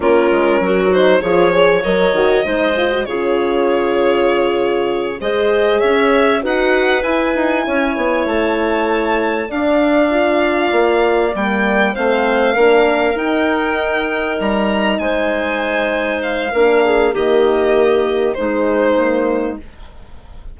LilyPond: <<
  \new Staff \with { instrumentName = "violin" } { \time 4/4 \tempo 4 = 98 ais'4. c''8 cis''4 dis''4~ | dis''4 cis''2.~ | cis''8 dis''4 e''4 fis''4 gis''8~ | gis''4. a''2 f''8~ |
f''2~ f''8 g''4 f''8~ | f''4. g''2 ais''8~ | ais''8 gis''2 f''4. | dis''2 c''2 | }
  \new Staff \with { instrumentName = "clarinet" } { \time 4/4 f'4 fis'4 gis'8 cis''4. | c''4 gis'2.~ | gis'8 c''4 cis''4 b'4.~ | b'8 cis''2. d''8~ |
d''2.~ d''8 c''8~ | c''8 ais'2.~ ais'8~ | ais'8 c''2~ c''8 ais'8 gis'8 | g'2 dis'2 | }
  \new Staff \with { instrumentName = "horn" } { \time 4/4 cis'4. dis'8 f'8 gis'8 ais'8 fis'8 | dis'8 f'16 fis'16 f'2.~ | f'8 gis'2 fis'4 e'8~ | e'2.~ e'8 d'8~ |
d'8 f'2 ais4 c'8~ | c'8 d'4 dis'2~ dis'8~ | dis'2. d'4 | ais2 gis4 ais4 | }
  \new Staff \with { instrumentName = "bassoon" } { \time 4/4 ais8 gis8 fis4 f4 fis8 dis8 | gis4 cis2.~ | cis8 gis4 cis'4 dis'4 e'8 | dis'8 cis'8 b8 a2 d'8~ |
d'4. ais4 g4 a8~ | a8 ais4 dis'2 g8~ | g8 gis2~ gis8 ais4 | dis2 gis2 | }
>>